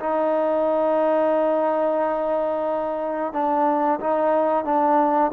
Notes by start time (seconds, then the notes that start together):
0.00 D#4
3.33 D4
4.00 D#4
4.65 D4